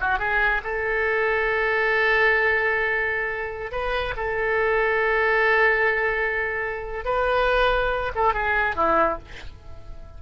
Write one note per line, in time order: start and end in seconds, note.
0.00 0.18 F#4
0.18 0.61 G#4
0.63 3.71 A4
3.71 4.14 B4
4.16 7.04 A4
7.04 8.12 B4
8.15 8.33 A4
8.33 8.75 G#4
8.75 9.18 E4